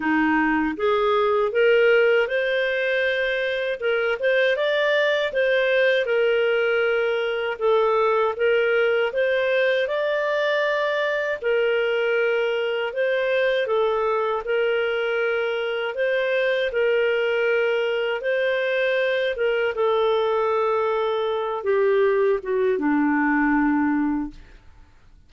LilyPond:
\new Staff \with { instrumentName = "clarinet" } { \time 4/4 \tempo 4 = 79 dis'4 gis'4 ais'4 c''4~ | c''4 ais'8 c''8 d''4 c''4 | ais'2 a'4 ais'4 | c''4 d''2 ais'4~ |
ais'4 c''4 a'4 ais'4~ | ais'4 c''4 ais'2 | c''4. ais'8 a'2~ | a'8 g'4 fis'8 d'2 | }